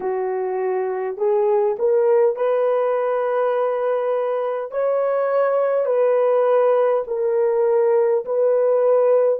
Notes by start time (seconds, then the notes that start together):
0.00 F#4
1.17 G#4
1.79 A#4
2.35 B4
4.71 C#5
5.85 B4
7.07 A#4
8.25 B4